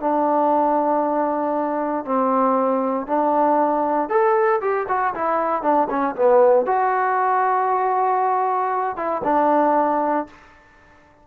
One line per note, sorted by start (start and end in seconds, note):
0.00 2.05 D4
2.05 3.07 C4
3.07 4.09 D4
4.09 4.61 A4
4.61 4.87 G4
4.88 5.14 F#4
5.14 5.62 E4
5.62 5.88 D4
5.90 6.15 C#4
6.16 6.66 B3
6.66 8.96 F#4
8.96 9.22 E4
9.24 10.27 D4